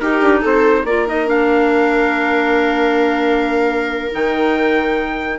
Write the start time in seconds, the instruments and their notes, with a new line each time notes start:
0.00 bassoon D#4, clarinet D#4, viola G4, trumpet A#4
0.21 bassoon D4
0.42 bassoon C4, viola A4, trumpet C5
0.84 bassoon A#3, clarinet F4, viola A#4, trumpet D5
1.07 clarinet D#4, trumpet D#5
1.26 clarinet D4, trumpet F5
4.11 bassoon D#3, clarinet D#4, trumpet G5